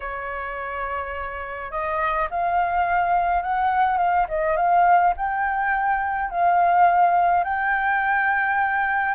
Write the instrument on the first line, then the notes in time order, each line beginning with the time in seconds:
flute
0.00 C#5
1.71 D#5
2.30 F5
3.42 F#5
3.97 F5
4.28 D#5
4.56 F5
5.16 G5
6.30 F5
7.44 G5